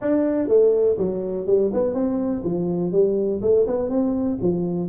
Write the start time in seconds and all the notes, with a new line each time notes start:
0.01 D4
0.48 A3
0.98 F#3
1.46 G3
1.73 B3
1.94 C4
2.44 F3
2.92 G3
3.41 A3
3.67 B3
3.89 C4
4.41 F3